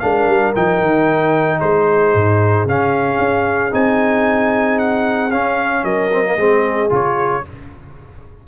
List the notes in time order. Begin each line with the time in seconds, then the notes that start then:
0.00 G#3 D4 A#4 F5
0.28 G3
0.56 F3 D#4 G5
0.81 D#3
1.59 G#3 G#4 C5
2.15 G#2
2.65 C#3 C#4 F5
3.19 C#4
3.71 C4 D#4 G#5
4.79 F#5
5.32 C#4 F5
5.84 F#3 A#4 D#5
6.13 C4
6.24 A#3
6.37 G#3 C4 G#4
6.90 C#3 F4 C#5